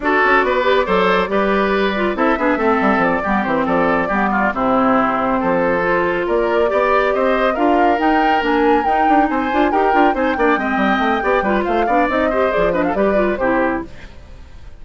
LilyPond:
<<
  \new Staff \with { instrumentName = "flute" } { \time 4/4 \tempo 4 = 139 d''1~ | d''4 e''2 d''4 | c''8 d''2 c''4.~ | c''2~ c''8 d''4.~ |
d''8 dis''4 f''4 g''4 gis''8~ | gis''8 g''4 gis''4 g''4 gis''8 | g''2. f''4 | dis''4 d''8 dis''16 f''16 d''4 c''4 | }
  \new Staff \with { instrumentName = "oboe" } { \time 4/4 a'4 b'4 c''4 b'4~ | b'4 a'8 gis'8 a'4. g'8~ | g'8 a'4 g'8 f'8 e'4.~ | e'8 a'2 ais'4 d''8~ |
d''8 c''4 ais'2~ ais'8~ | ais'4. c''4 ais'4 c''8 | d''8 dis''4. d''8 b'8 c''8 d''8~ | d''8 c''4 b'16 a'16 b'4 g'4 | }
  \new Staff \with { instrumentName = "clarinet" } { \time 4/4 fis'4. g'8 a'4 g'4~ | g'8 f'8 e'8 d'8 c'4. b8 | c'4. b4 c'4.~ | c'4. f'2 g'8~ |
g'4. f'4 dis'4 d'8~ | d'8 dis'4. f'8 g'8 f'8 dis'8 | d'8 c'4. g'8 f'4 d'8 | dis'8 g'8 gis'8 d'8 g'8 f'8 e'4 | }
  \new Staff \with { instrumentName = "bassoon" } { \time 4/4 d'8 cis'8 b4 fis4 g4~ | g4 c'8 b8 a8 g8 f8 g8 | e8 f4 g4 c4.~ | c8 f2 ais4 b8~ |
b8 c'4 d'4 dis'4 ais8~ | ais8 dis'8 d'8 c'8 d'8 dis'8 d'8 c'8 | ais8 gis8 g8 a8 b8 g8 a8 b8 | c'4 f4 g4 c4 | }
>>